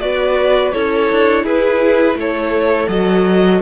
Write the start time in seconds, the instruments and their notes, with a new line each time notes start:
0.00 cello B3, viola F#4, violin B4 D5
0.72 cello C#4, viola E4, violin A4 C#5
1.11 cello D4
1.44 cello E4, violin G#4 B4
2.15 cello A3, violin A4 C#5
2.88 cello F#3, viola F#4, violin D#5